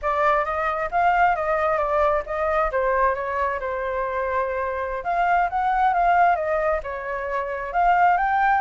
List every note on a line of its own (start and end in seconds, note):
0.02 0.44 D5
0.44 0.89 D#5
0.91 1.35 F5
1.35 1.77 D#5
1.77 2.22 D5
2.26 2.70 D#5
2.71 3.14 C5
3.14 3.59 C#5
3.60 5.04 C5
5.04 5.49 F5
5.49 5.93 F#5
5.93 6.35 F5
6.35 6.80 D#5
6.83 7.72 C#5
7.73 8.17 F5
8.17 8.61 G5